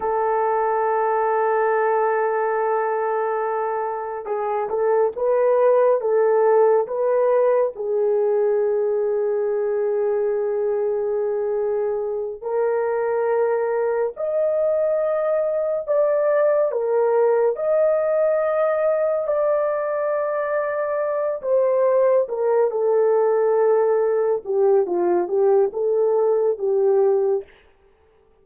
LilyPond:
\new Staff \with { instrumentName = "horn" } { \time 4/4 \tempo 4 = 70 a'1~ | a'4 gis'8 a'8 b'4 a'4 | b'4 gis'2.~ | gis'2~ gis'8 ais'4.~ |
ais'8 dis''2 d''4 ais'8~ | ais'8 dis''2 d''4.~ | d''4 c''4 ais'8 a'4.~ | a'8 g'8 f'8 g'8 a'4 g'4 | }